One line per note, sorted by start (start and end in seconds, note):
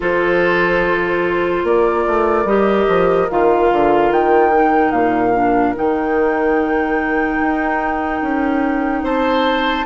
0.00 1.63 F3
0.00 2.45 F4
0.00 1.64 A4
0.00 1.66 C5
1.63 2.04 A#3
1.63 9.03 A#4
1.63 2.47 D5
2.07 2.44 A3
2.44 2.85 G3
2.44 3.29 G4
2.44 3.29 D#5
2.87 3.29 F3
3.29 3.71 D#3
3.29 4.52 F4
3.29 4.12 F5
3.71 4.10 D3
4.10 4.91 D#3
4.10 4.91 G5
4.52 5.33 D#4
4.91 5.73 A#2
4.91 5.73 F5
5.33 5.74 D4
5.74 7.40 D#3
5.74 9.85 D#4
5.74 9.05 G5
7.40 8.21 D#4
8.21 9.02 C#4
9.02 9.84 C4
9.02 9.85 C5
9.02 9.86 A5